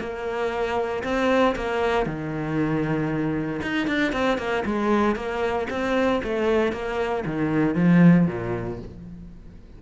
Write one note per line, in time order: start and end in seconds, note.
0.00 1.03 A#3
1.04 1.55 C4
1.56 2.06 A#3
2.06 3.61 D#3
3.62 3.87 D#4
3.87 4.13 D4
4.13 4.38 C4
4.38 4.64 A#3
4.65 5.16 G#3
5.16 5.68 A#3
5.70 6.22 C4
6.24 6.73 A3
6.73 7.24 A#3
7.26 7.75 D#3
7.75 8.27 F3
8.27 8.79 A#2